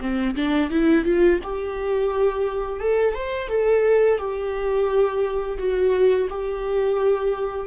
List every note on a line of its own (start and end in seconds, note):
0.00 0.35 C4
0.35 0.70 D4
0.70 1.04 E4
1.04 1.39 F4
1.43 2.80 G4
2.80 3.14 A4
3.14 3.48 C5
3.48 4.18 A4
4.18 5.58 G4
5.58 6.28 F#4
6.29 7.66 G4